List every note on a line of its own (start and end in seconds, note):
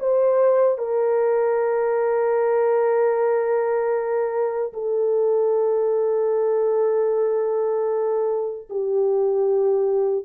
0.00 0.79 C5
0.79 4.73 A#4
4.74 8.68 A4
8.70 10.26 G4